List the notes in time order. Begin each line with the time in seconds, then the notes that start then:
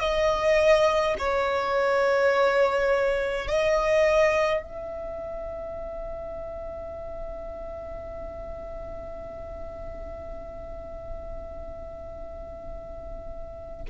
0.00 D#5
1.19 C#5
3.48 D#5
4.63 E5